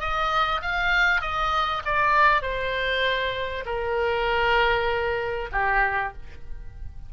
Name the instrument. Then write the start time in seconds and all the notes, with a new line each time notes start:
oboe
0.00 D#5
0.62 F5
1.21 D#5
1.85 D5
2.42 C5
3.66 A#4
5.52 G4